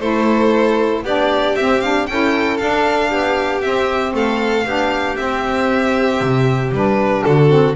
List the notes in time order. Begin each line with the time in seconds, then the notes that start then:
0.00 A3 E4 A4 C5
1.03 B3 D4 G4 D5
1.56 C4 E5
1.81 D4 F5
2.07 C#4 E4 A4 G5
2.58 D4 F5
3.10 B3 G4
3.62 C4 E5
4.14 A3 A4 F5
4.66 B3 D4 G4
5.16 C4 E5
6.21 C3
6.72 G3 D4 B4
7.24 D3 F#4 A4
7.49 C4